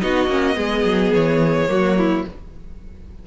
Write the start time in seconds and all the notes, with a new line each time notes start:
0.00 B3 D#4 F#4 D#5
0.27 A#3 C#4
0.53 G#3 B3 G#4
0.84 F#3
1.13 E3 C#5
1.67 F#3 A#3 F#4
1.98 E4